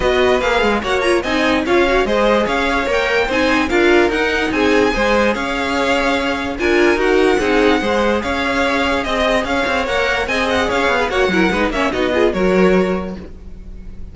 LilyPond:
<<
  \new Staff \with { instrumentName = "violin" } { \time 4/4 \tempo 4 = 146 dis''4 f''4 fis''8 ais''8 gis''4 | f''4 dis''4 f''4 g''4 | gis''4 f''4 fis''4 gis''4~ | gis''4 f''2. |
gis''4 fis''2. | f''2 dis''4 f''4 | fis''4 gis''8 fis''8 f''4 fis''4~ | fis''8 e''8 dis''4 cis''2 | }
  \new Staff \with { instrumentName = "violin" } { \time 4/4 b'2 cis''4 dis''4 | cis''4 c''4 cis''2 | c''4 ais'2 gis'4 | c''4 cis''2. |
ais'2 gis'4 c''4 | cis''2 dis''4 cis''4~ | cis''4 dis''4 cis''8. b'16 cis''8 ais'8 | b'8 cis''8 fis'8 gis'8 ais'2 | }
  \new Staff \with { instrumentName = "viola" } { \time 4/4 fis'4 gis'4 fis'8 f'8 dis'4 | f'8 fis'8 gis'2 ais'4 | dis'4 f'4 dis'2 | gis'1 |
f'4 fis'4 dis'4 gis'4~ | gis'1 | ais'4 gis'2 fis'8 e'8 | dis'8 cis'8 dis'8 f'8 fis'2 | }
  \new Staff \with { instrumentName = "cello" } { \time 4/4 b4 ais8 gis8 ais4 c'4 | cis'4 gis4 cis'4 ais4 | c'4 d'4 dis'4 c'4 | gis4 cis'2. |
d'4 dis'4 c'4 gis4 | cis'2 c'4 cis'8 c'8 | ais4 c'4 cis'8 b8 ais8 fis8 | gis8 ais8 b4 fis2 | }
>>